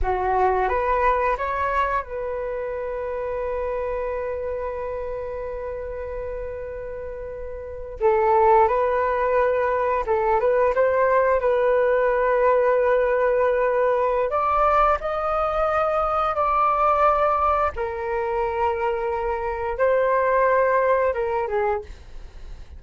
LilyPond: \new Staff \with { instrumentName = "flute" } { \time 4/4 \tempo 4 = 88 fis'4 b'4 cis''4 b'4~ | b'1~ | b'2.~ b'8. a'16~ | a'8. b'2 a'8 b'8 c''16~ |
c''8. b'2.~ b'16~ | b'4 d''4 dis''2 | d''2 ais'2~ | ais'4 c''2 ais'8 gis'8 | }